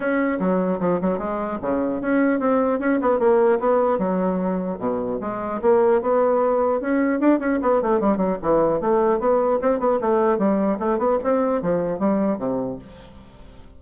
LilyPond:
\new Staff \with { instrumentName = "bassoon" } { \time 4/4 \tempo 4 = 150 cis'4 fis4 f8 fis8 gis4 | cis4 cis'4 c'4 cis'8 b8 | ais4 b4 fis2 | b,4 gis4 ais4 b4~ |
b4 cis'4 d'8 cis'8 b8 a8 | g8 fis8 e4 a4 b4 | c'8 b8 a4 g4 a8 b8 | c'4 f4 g4 c4 | }